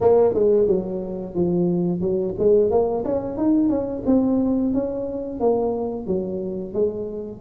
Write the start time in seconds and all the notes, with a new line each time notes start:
0.00 A#3
0.34 G#3
0.67 F#3
1.34 F3
2.00 F#3
2.38 G#3
2.70 A#3
3.04 C#4
3.37 D#4
3.69 C#4
4.06 C4
4.73 C#4
5.39 A#3
6.06 F#3
6.73 G#3